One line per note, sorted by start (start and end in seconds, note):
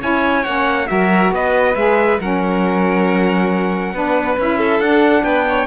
0.00 0.46 C#4
0.00 0.43 E4
0.00 0.88 C#5
0.00 0.44 G#5
0.44 0.89 A#3
0.44 0.87 C#4
0.44 0.87 F#5
0.87 1.30 F#3
0.87 1.74 F#4
0.87 1.34 A#4
0.87 1.31 E5
1.30 1.74 B3
1.30 2.20 B4
1.30 1.75 D#5
1.75 2.19 G#3
1.75 2.19 G#4
1.75 2.18 E5
2.20 3.93 F#3
2.20 3.94 C#4
2.20 3.94 A#4
2.20 4.38 F#5
3.93 4.36 B3
3.93 4.37 D4
3.93 4.58 B4
4.37 4.79 C#4
4.37 4.82 E4
4.37 4.80 E5
4.58 5.23 A4
4.79 5.23 D4
4.79 5.67 D4
4.79 5.24 F#5
5.23 5.66 B3
5.23 5.45 B4
5.23 5.67 G5
5.49 5.67 C#5